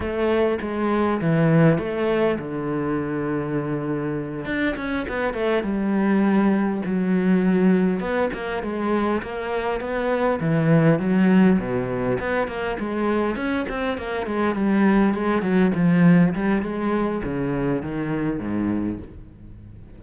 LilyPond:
\new Staff \with { instrumentName = "cello" } { \time 4/4 \tempo 4 = 101 a4 gis4 e4 a4 | d2.~ d8 d'8 | cis'8 b8 a8 g2 fis8~ | fis4. b8 ais8 gis4 ais8~ |
ais8 b4 e4 fis4 b,8~ | b,8 b8 ais8 gis4 cis'8 c'8 ais8 | gis8 g4 gis8 fis8 f4 g8 | gis4 cis4 dis4 gis,4 | }